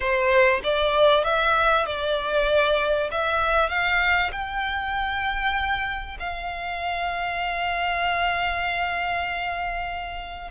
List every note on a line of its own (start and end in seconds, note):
0.00 0.60 C5
0.63 1.24 D5
1.24 1.86 E5
1.86 3.09 D5
3.11 3.69 E5
3.69 4.30 F5
4.32 6.17 G5
6.19 10.50 F5